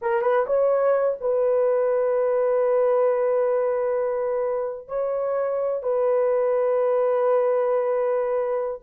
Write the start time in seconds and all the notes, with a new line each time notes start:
0.01 A#4
0.21 B4
0.46 C#5
1.20 B4
4.88 C#5
5.82 B4